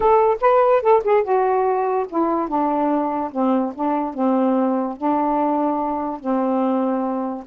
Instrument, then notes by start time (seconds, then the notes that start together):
saxophone
0.00 A4
0.40 B4
0.81 A4
1.04 G#4
1.23 F#4
2.09 E4
2.48 D4
3.31 C4
3.74 D4
4.14 C4
4.96 D4
6.20 C4